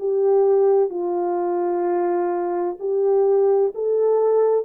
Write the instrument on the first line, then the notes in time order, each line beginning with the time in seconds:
horn
0.00 G4
0.90 F4
2.80 G4
3.75 A4